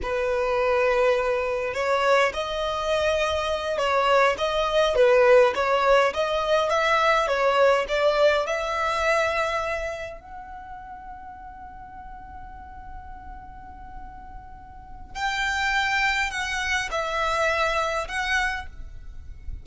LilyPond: \new Staff \with { instrumentName = "violin" } { \time 4/4 \tempo 4 = 103 b'2. cis''4 | dis''2~ dis''8 cis''4 dis''8~ | dis''8 b'4 cis''4 dis''4 e''8~ | e''8 cis''4 d''4 e''4.~ |
e''4. fis''2~ fis''8~ | fis''1~ | fis''2 g''2 | fis''4 e''2 fis''4 | }